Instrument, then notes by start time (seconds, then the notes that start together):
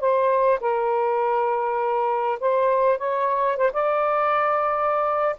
saxophone
0.00 C5
0.60 A#4
2.40 C5
2.98 C#5
3.57 C5
3.73 D5